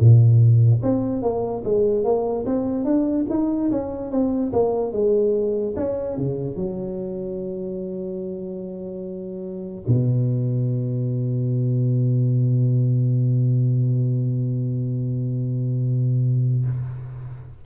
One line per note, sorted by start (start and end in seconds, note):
0.00 0.82 A#2
0.83 1.23 C4
1.23 1.64 A#3
1.64 2.05 G#3
2.05 2.46 A#3
2.46 2.85 C4
2.85 3.26 D4
3.30 3.71 D#4
3.72 4.12 C#4
4.12 4.53 C4
4.53 4.93 A#3
4.93 5.75 G#3
5.76 6.18 C#4
6.18 6.56 C#3
6.56 9.85 F#3
9.88 16.66 B2